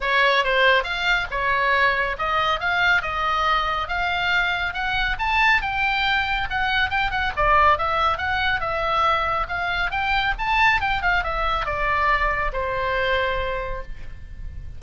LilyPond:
\new Staff \with { instrumentName = "oboe" } { \time 4/4 \tempo 4 = 139 cis''4 c''4 f''4 cis''4~ | cis''4 dis''4 f''4 dis''4~ | dis''4 f''2 fis''4 | a''4 g''2 fis''4 |
g''8 fis''8 d''4 e''4 fis''4 | e''2 f''4 g''4 | a''4 g''8 f''8 e''4 d''4~ | d''4 c''2. | }